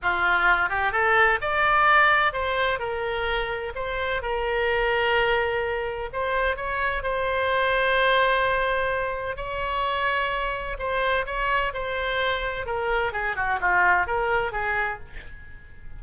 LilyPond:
\new Staff \with { instrumentName = "oboe" } { \time 4/4 \tempo 4 = 128 f'4. g'8 a'4 d''4~ | d''4 c''4 ais'2 | c''4 ais'2.~ | ais'4 c''4 cis''4 c''4~ |
c''1 | cis''2. c''4 | cis''4 c''2 ais'4 | gis'8 fis'8 f'4 ais'4 gis'4 | }